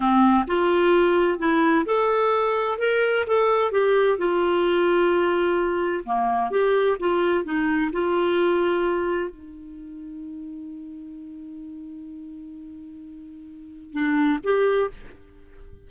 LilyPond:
\new Staff \with { instrumentName = "clarinet" } { \time 4/4 \tempo 4 = 129 c'4 f'2 e'4 | a'2 ais'4 a'4 | g'4 f'2.~ | f'4 ais4 g'4 f'4 |
dis'4 f'2. | dis'1~ | dis'1~ | dis'2 d'4 g'4 | }